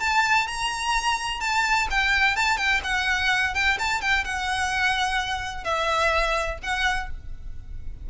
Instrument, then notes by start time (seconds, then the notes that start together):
violin
0.00 A5
0.47 A#5
1.40 A5
1.90 G5
2.36 A5
2.57 G5
2.84 F#5
3.54 G5
3.78 A5
4.01 G5
4.24 F#5
5.64 E5
6.62 F#5